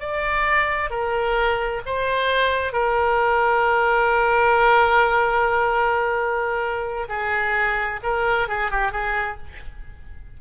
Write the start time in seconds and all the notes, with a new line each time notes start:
0.00 D5
0.90 A#4
1.86 C5
2.73 A#4
7.08 G#4
8.03 A#4
8.49 G#4
8.71 G4
8.92 G#4